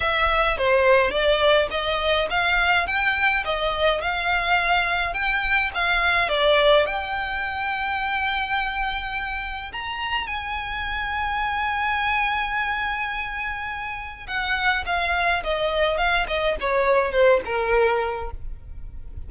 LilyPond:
\new Staff \with { instrumentName = "violin" } { \time 4/4 \tempo 4 = 105 e''4 c''4 d''4 dis''4 | f''4 g''4 dis''4 f''4~ | f''4 g''4 f''4 d''4 | g''1~ |
g''4 ais''4 gis''2~ | gis''1~ | gis''4 fis''4 f''4 dis''4 | f''8 dis''8 cis''4 c''8 ais'4. | }